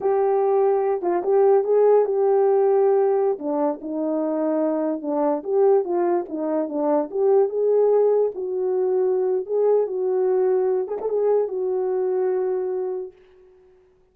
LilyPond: \new Staff \with { instrumentName = "horn" } { \time 4/4 \tempo 4 = 146 g'2~ g'8 f'8 g'4 | gis'4 g'2.~ | g'16 d'4 dis'2~ dis'8.~ | dis'16 d'4 g'4 f'4 dis'8.~ |
dis'16 d'4 g'4 gis'4.~ gis'16~ | gis'16 fis'2~ fis'8. gis'4 | fis'2~ fis'8 gis'16 a'16 gis'4 | fis'1 | }